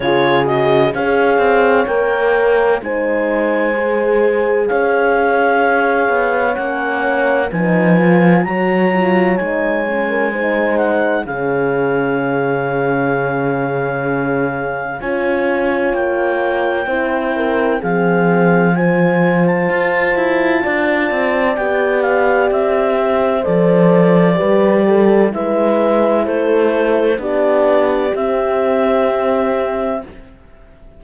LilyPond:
<<
  \new Staff \with { instrumentName = "clarinet" } { \time 4/4 \tempo 4 = 64 cis''8 dis''8 f''4 g''4 gis''4~ | gis''4 f''2 fis''4 | gis''4 ais''4 gis''4. fis''8 | f''1 |
gis''4 g''2 f''4 | gis''8. a''2~ a''16 g''8 f''8 | e''4 d''2 e''4 | c''4 d''4 e''2 | }
  \new Staff \with { instrumentName = "horn" } { \time 4/4 gis'4 cis''2 c''4~ | c''4 cis''2. | b'4 cis''4.~ cis''16 ais'16 c''4 | gis'1 |
cis''2 c''8 ais'8 gis'4 | c''2 d''2~ | d''8 c''4. b'8 a'8 b'4 | a'4 g'2. | }
  \new Staff \with { instrumentName = "horn" } { \time 4/4 f'8 fis'8 gis'4 ais'4 dis'4 | gis'2. cis'4 | dis'8 f'8 fis'8 f'8 dis'8 cis'8 dis'4 | cis'1 |
f'2 e'4 c'4 | f'2. g'4~ | g'4 a'4 g'4 e'4~ | e'4 d'4 c'2 | }
  \new Staff \with { instrumentName = "cello" } { \time 4/4 cis4 cis'8 c'8 ais4 gis4~ | gis4 cis'4. b8 ais4 | f4 fis4 gis2 | cis1 |
cis'4 ais4 c'4 f4~ | f4 f'8 e'8 d'8 c'8 b4 | c'4 f4 g4 gis4 | a4 b4 c'2 | }
>>